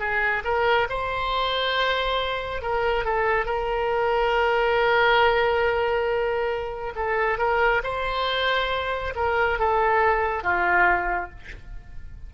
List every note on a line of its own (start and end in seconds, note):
0.00 0.43 G#4
0.45 0.88 A#4
0.90 2.62 C5
2.62 3.05 A#4
3.05 3.46 A4
3.46 6.94 A#4
6.96 7.39 A4
7.39 7.82 A#4
7.84 9.14 C5
9.16 9.59 A#4
9.60 10.43 A4
10.43 11.30 F4